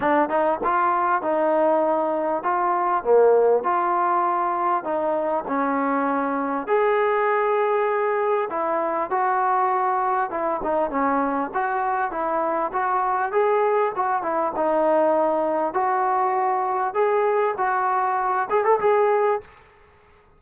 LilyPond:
\new Staff \with { instrumentName = "trombone" } { \time 4/4 \tempo 4 = 99 d'8 dis'8 f'4 dis'2 | f'4 ais4 f'2 | dis'4 cis'2 gis'4~ | gis'2 e'4 fis'4~ |
fis'4 e'8 dis'8 cis'4 fis'4 | e'4 fis'4 gis'4 fis'8 e'8 | dis'2 fis'2 | gis'4 fis'4. gis'16 a'16 gis'4 | }